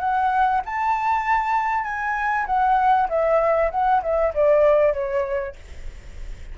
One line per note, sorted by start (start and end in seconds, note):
0.00 0.62 F#5
0.66 1.84 A5
1.84 2.46 G#5
2.47 3.08 F#5
3.09 3.71 E5
3.71 4.02 F#5
4.03 4.34 E5
4.35 4.94 D5
4.94 5.56 C#5